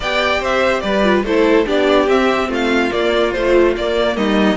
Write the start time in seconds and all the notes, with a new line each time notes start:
0.00 B3 G4 D5 G5
0.40 C4 C5 E5
0.80 G3 B4 D5
1.03 F4
1.23 A3 E4 A4 C5
1.66 B3 D4 G4 D5
2.07 C4 E5
2.48 A3 F4 F5
2.90 A#3 D5
3.32 F3 A3 C5
3.76 A#3 D5
4.16 G3 D#4 D#5